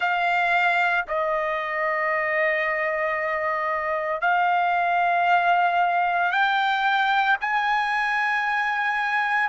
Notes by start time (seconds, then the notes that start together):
0.00 F5
1.07 D#5
4.21 F5
6.31 G5
7.40 G#5